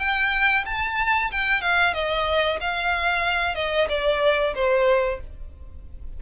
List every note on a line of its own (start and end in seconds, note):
0.00 0.65 G5
0.66 1.31 A5
1.32 1.62 G5
1.62 1.94 F5
1.94 2.60 D#5
2.61 3.56 F5
3.56 3.88 D#5
3.89 4.54 D5
4.56 5.21 C5